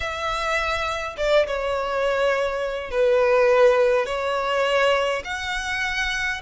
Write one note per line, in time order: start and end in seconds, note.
0.00 1.16 E5
1.17 1.46 D5
1.46 2.90 C#5
2.90 4.06 B4
4.06 5.22 C#5
5.24 6.41 F#5